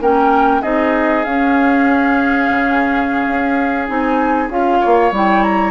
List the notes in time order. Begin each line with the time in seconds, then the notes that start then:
0.00 A#3 C#4 A#4 G5
0.61 C4 D#4 G#4 D#5
1.24 C#4 F5
2.49 C#3
3.27 C#4
3.87 C4 D#4 G#5
4.49 C#4 F4 F5
4.80 A#3 C#5
5.11 G3 E4 G5
5.43 A#5